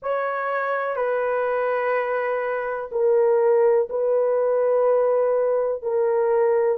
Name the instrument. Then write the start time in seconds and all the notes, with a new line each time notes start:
horn
0.02 C#5
0.96 B4
2.91 A#4
3.89 B4
5.82 A#4